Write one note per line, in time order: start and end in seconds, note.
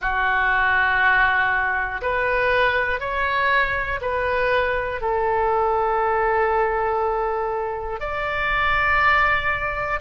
0.01 2.01 F#4
2.01 3.00 B4
3.00 4.00 C#5
4.01 5.00 B4
5.00 8.00 A4
8.00 10.00 D5